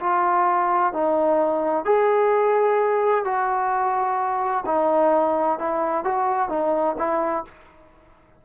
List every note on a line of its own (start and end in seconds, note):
0.00 0.93 F4
0.93 1.85 D#4
1.85 3.25 G#4
3.25 4.64 F#4
4.66 5.59 D#4
5.59 6.04 E4
6.04 6.49 F#4
6.49 6.96 D#4
6.98 7.45 E4